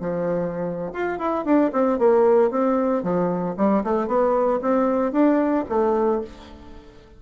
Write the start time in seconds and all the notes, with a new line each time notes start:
0.00 F3
0.93 F4
1.18 E4
1.44 D4
1.72 C4
1.98 A#3
2.50 C4
3.03 F3
3.57 G3
3.83 A3
4.07 B3
4.62 C4
5.12 D4
5.69 A3